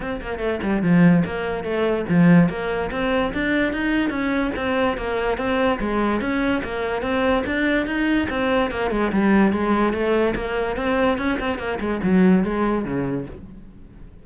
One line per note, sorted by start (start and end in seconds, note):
0.00 0.20 C4
0.21 0.39 A#3
0.39 0.59 A3
0.62 0.82 G3
0.82 1.23 F3
1.25 1.63 A#3
1.63 2.05 A3
2.09 2.49 F3
2.49 2.90 A#3
2.91 3.32 C4
3.33 3.72 D4
3.72 4.09 D#4
4.09 4.51 C#4
4.56 4.97 C4
4.97 5.37 A#3
5.37 5.78 C4
5.80 6.20 G#3
6.20 6.62 C#4
6.63 7.02 A#3
7.02 7.43 C4
7.46 7.86 D4
7.86 8.27 D#4
8.29 8.70 C4
8.70 8.90 A#3
8.90 9.11 G#3
9.12 9.52 G3
9.52 9.93 G#3
9.93 10.34 A3
10.35 10.76 A#3
10.76 11.17 C4
11.18 11.38 C#4
11.39 11.58 C4
11.58 11.79 A#3
11.80 12.00 G#3
12.03 12.43 F#3
12.43 12.84 G#3
12.84 13.26 C#3